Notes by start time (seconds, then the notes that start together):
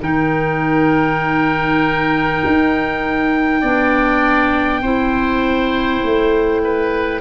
0.00 D#3 D#4 A#4 G5
2.45 D#4
3.60 B3 D4 D5
4.81 C4 E4 C5
6.03 A3
6.63 B4